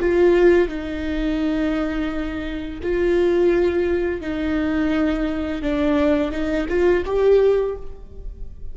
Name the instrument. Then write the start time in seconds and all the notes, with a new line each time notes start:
viola
0.00 F4
0.68 D#4
2.82 F4
4.21 D#4
5.62 D4
6.31 D#4
6.68 F4
7.05 G4